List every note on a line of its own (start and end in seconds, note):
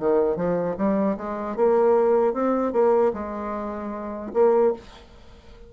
0.00 0.37 D#3
0.37 0.76 F3
0.78 1.17 G3
1.17 1.57 G#3
1.57 2.34 A#3
2.34 2.73 C4
2.73 3.13 A#3
3.14 4.32 G#3
4.34 4.74 A#3